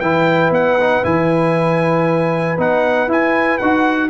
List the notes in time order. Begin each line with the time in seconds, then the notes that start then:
0.00 E3 E4 B4 G5
0.50 B3 F#5
0.80 D#4
1.03 E3 E4 G#5
2.58 B3 D#4 F#5
3.07 E4 G#5
3.58 D#4 F#4 F#5